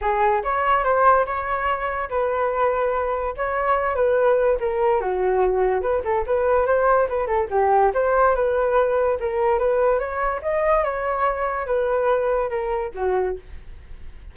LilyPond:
\new Staff \with { instrumentName = "flute" } { \time 4/4 \tempo 4 = 144 gis'4 cis''4 c''4 cis''4~ | cis''4 b'2. | cis''4. b'4. ais'4 | fis'2 b'8 a'8 b'4 |
c''4 b'8 a'8 g'4 c''4 | b'2 ais'4 b'4 | cis''4 dis''4 cis''2 | b'2 ais'4 fis'4 | }